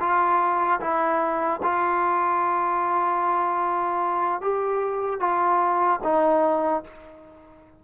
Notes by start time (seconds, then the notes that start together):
0.00 F4
0.81 E4
1.63 F4
4.41 G4
5.20 F4
6.03 D#4